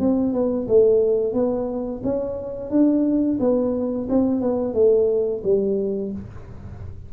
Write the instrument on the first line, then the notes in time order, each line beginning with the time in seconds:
tuba
0.00 C4
0.33 B3
0.68 A3
1.34 B3
2.04 C#4
2.70 D4
3.40 B3
4.09 C4
4.41 B3
4.74 A3
5.44 G3